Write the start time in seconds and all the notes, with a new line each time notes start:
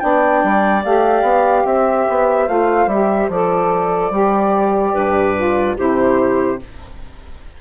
0.00 B3 D4 D5 G5
0.44 G3
0.85 A3 G4 F5
1.23 B3
1.65 C4 C5 E5
2.10 B3
2.47 A3 F4 F5
2.87 G3 G4 E5
3.29 F3 A4 D5
4.11 G3 G4
4.93 G2 B4
5.37 F4
5.77 C3 E4 G4 C5